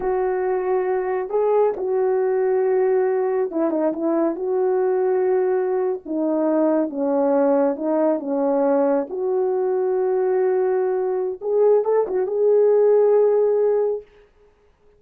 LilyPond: \new Staff \with { instrumentName = "horn" } { \time 4/4 \tempo 4 = 137 fis'2. gis'4 | fis'1 | e'8 dis'8 e'4 fis'2~ | fis'4.~ fis'16 dis'2 cis'16~ |
cis'4.~ cis'16 dis'4 cis'4~ cis'16~ | cis'8. fis'2.~ fis'16~ | fis'2 gis'4 a'8 fis'8 | gis'1 | }